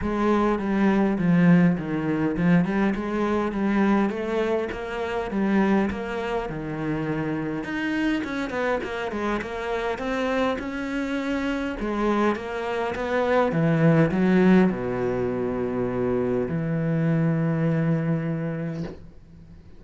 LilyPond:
\new Staff \with { instrumentName = "cello" } { \time 4/4 \tempo 4 = 102 gis4 g4 f4 dis4 | f8 g8 gis4 g4 a4 | ais4 g4 ais4 dis4~ | dis4 dis'4 cis'8 b8 ais8 gis8 |
ais4 c'4 cis'2 | gis4 ais4 b4 e4 | fis4 b,2. | e1 | }